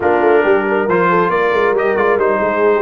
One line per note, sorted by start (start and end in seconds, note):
0.00 0.21 A#3
0.00 0.89 D4
0.00 0.43 F4
0.00 0.88 A#4
0.21 0.42 A3
0.43 0.87 G3
0.43 0.65 G4
0.68 1.09 A#4
0.87 1.29 F3
0.87 1.76 F4
0.87 1.30 C5
1.09 1.30 A4
1.29 1.51 A#3
1.29 2.39 A#4
1.29 1.74 D5
1.52 1.72 G#3
1.72 1.94 G3
1.72 1.97 G4
1.72 1.96 D#5
1.96 2.17 G#3
1.96 2.19 F4
1.96 2.18 D5
2.17 2.39 G3
2.17 2.82 D#4
2.17 2.82 C5
2.40 2.82 G#3
2.40 2.75 G#4
2.75 2.82 G4